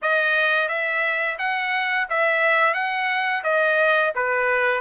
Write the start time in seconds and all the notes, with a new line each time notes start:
0.02 D#5
0.68 E5
1.38 F#5
2.09 E5
2.74 F#5
3.43 D#5
4.15 B4